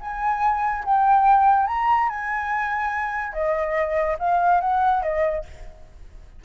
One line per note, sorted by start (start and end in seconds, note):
0.00 0.84 G#5
0.84 1.67 G5
1.67 2.09 A#5
2.09 3.33 G#5
3.33 4.17 D#5
4.19 4.60 F5
4.60 5.02 F#5
5.03 5.45 D#5